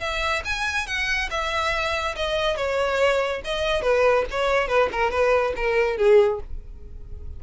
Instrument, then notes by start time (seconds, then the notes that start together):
violin
0.00 E5
0.45 G#5
0.87 F#5
1.30 E5
2.16 D#5
2.57 C#5
3.44 D#5
3.82 B4
4.31 C#5
4.68 B4
4.92 A#4
5.11 B4
5.56 A#4
5.97 G#4